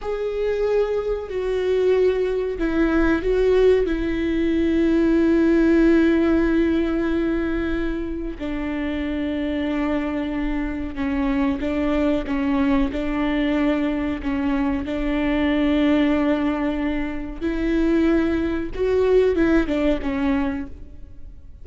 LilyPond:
\new Staff \with { instrumentName = "viola" } { \time 4/4 \tempo 4 = 93 gis'2 fis'2 | e'4 fis'4 e'2~ | e'1~ | e'4 d'2.~ |
d'4 cis'4 d'4 cis'4 | d'2 cis'4 d'4~ | d'2. e'4~ | e'4 fis'4 e'8 d'8 cis'4 | }